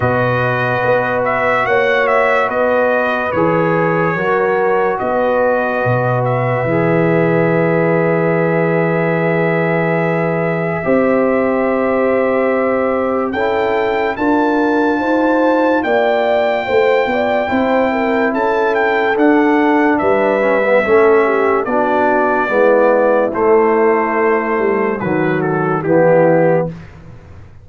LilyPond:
<<
  \new Staff \with { instrumentName = "trumpet" } { \time 4/4 \tempo 4 = 72 dis''4. e''8 fis''8 e''8 dis''4 | cis''2 dis''4. e''8~ | e''1~ | e''1 |
g''4 a''2 g''4~ | g''2 a''8 g''8 fis''4 | e''2 d''2 | c''2 b'8 a'8 g'4 | }
  \new Staff \with { instrumentName = "horn" } { \time 4/4 b'2 cis''4 b'4~ | b'4 ais'4 b'2~ | b'1~ | b'4 c''2. |
a'4 ais'4 c''4 d''4 | c''8 d''8 c''8 ais'8 a'2 | b'4 a'8 g'8 fis'4 e'4~ | e'2 fis'4 e'4 | }
  \new Staff \with { instrumentName = "trombone" } { \time 4/4 fis'1 | gis'4 fis'2. | gis'1~ | gis'4 g'2. |
e'4 f'2.~ | f'4 e'2 d'4~ | d'8 cis'16 b16 cis'4 d'4 b4 | a2 fis4 b4 | }
  \new Staff \with { instrumentName = "tuba" } { \time 4/4 b,4 b4 ais4 b4 | e4 fis4 b4 b,4 | e1~ | e4 c'2. |
cis'4 d'4 dis'4 ais4 | a8 b8 c'4 cis'4 d'4 | g4 a4 b4 gis4 | a4. g8 dis4 e4 | }
>>